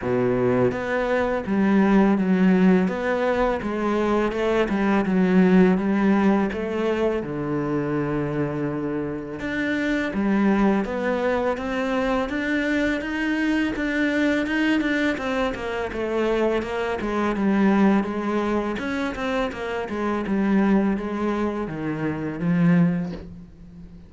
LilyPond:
\new Staff \with { instrumentName = "cello" } { \time 4/4 \tempo 4 = 83 b,4 b4 g4 fis4 | b4 gis4 a8 g8 fis4 | g4 a4 d2~ | d4 d'4 g4 b4 |
c'4 d'4 dis'4 d'4 | dis'8 d'8 c'8 ais8 a4 ais8 gis8 | g4 gis4 cis'8 c'8 ais8 gis8 | g4 gis4 dis4 f4 | }